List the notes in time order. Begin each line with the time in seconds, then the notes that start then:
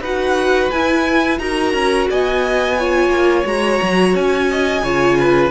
0.00 D#4 F#4 B4 F#5
0.71 E4 G#5
1.38 D#4 F#4 A#4 A#5
1.74 C#4
2.10 B3 D#5 G#5
2.79 F4 C#5
3.08 A#3
3.45 G#3 F#4 A#5
3.82 F#3
4.15 C#4 G#5
4.50 D#5
4.82 C#3 F4 C#5
5.20 B4